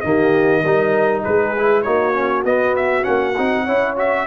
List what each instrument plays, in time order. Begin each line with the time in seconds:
0.00 tuba D#3, trombone A#3, horn G4, trumpet D#5
0.61 tuba G3, trombone D#4, horn A#4
1.23 tuba G#3, horn G#4, trumpet B4
1.58 trombone E4
1.82 tuba A#3, trombone D#4, horn F#4, trumpet C#5
2.13 trombone C#4
2.44 tuba B3, trombone B3, trumpet D#5
2.76 trumpet E5
3.02 tuba A#3, trombone C#4, trumpet F#5
3.37 tuba C4, trombone D#4
3.64 tuba C#4, trombone E4, horn C#5
3.96 trombone F#4, trumpet E5